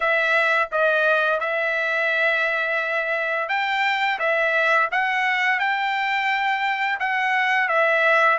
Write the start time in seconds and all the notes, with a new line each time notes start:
0.00 E5
0.71 D#5
1.40 E5
3.49 G5
4.19 E5
4.91 F#5
5.59 G5
6.99 F#5
7.68 E5